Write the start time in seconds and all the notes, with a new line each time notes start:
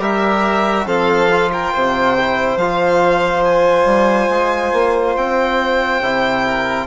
0.00 G3 G4 A#4 E5
0.86 F3 C4 A4 F5
1.32 F4
1.52 A#4 G5
1.74 C3 C5
2.18 E4
2.57 F3 F4 F5
3.45 G#5
3.85 G3
4.29 G#3
4.73 A#3
5.16 C4 G5
6.00 C3 E4
6.46 A#4